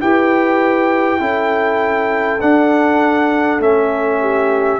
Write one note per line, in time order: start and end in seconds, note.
0.00 1.20 E4
0.00 1.19 G4
0.00 1.21 B4
0.00 2.40 G5
1.19 2.40 C#4
1.19 2.39 E4
1.19 4.20 A4
2.40 3.58 D4
2.40 3.60 D4
2.40 3.60 F#5
3.58 4.79 A3
3.58 4.80 C#4
3.58 4.80 E5
4.20 4.80 G4